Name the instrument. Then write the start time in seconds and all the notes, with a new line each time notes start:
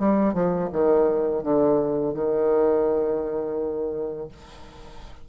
bassoon
0.00 G3
0.34 F3
0.73 D#3
1.44 D3
2.15 D#3